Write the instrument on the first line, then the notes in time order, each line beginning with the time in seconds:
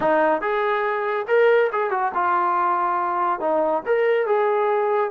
trombone
0.00 D#4
0.41 G#4
1.27 A#4
1.72 G#4
1.90 F#4
2.14 F4
3.40 D#4
3.86 A#4
4.26 G#4